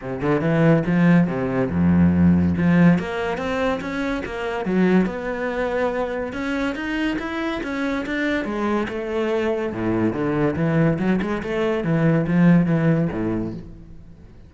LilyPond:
\new Staff \with { instrumentName = "cello" } { \time 4/4 \tempo 4 = 142 c8 d8 e4 f4 c4 | f,2 f4 ais4 | c'4 cis'4 ais4 fis4 | b2. cis'4 |
dis'4 e'4 cis'4 d'4 | gis4 a2 a,4 | d4 e4 fis8 gis8 a4 | e4 f4 e4 a,4 | }